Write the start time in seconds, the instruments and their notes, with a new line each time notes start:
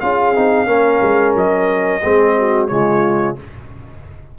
0.00 tuba C#4, trombone F4, horn G#4, trumpet F5
0.35 tuba C4, trombone D#4
0.66 tuba A#3, trombone C#4, horn A#4
1.02 tuba G#3
1.35 tuba F#3, trumpet D#5
2.02 tuba G#3, trombone C4, horn G#4
2.38 horn F#4
2.67 tuba C#3, trombone G#3, horn F4, trumpet C#5